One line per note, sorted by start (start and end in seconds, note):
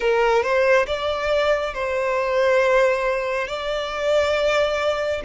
0.00 0.42 A#4
0.42 0.86 C5
0.87 1.74 D5
1.74 3.47 C5
3.47 5.21 D5